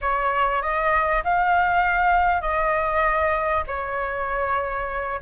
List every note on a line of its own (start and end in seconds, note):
0.01 0.62 C#5
0.62 1.23 D#5
1.24 2.41 F5
2.41 3.63 D#5
3.67 5.20 C#5